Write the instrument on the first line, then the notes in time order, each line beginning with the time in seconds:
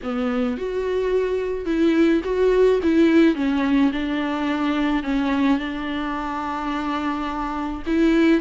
viola
0.02 B3
0.57 F#4
1.65 E4
2.24 F#4
2.82 E4
3.35 C#4
3.92 D4
5.03 C#4
5.58 D4
7.86 E4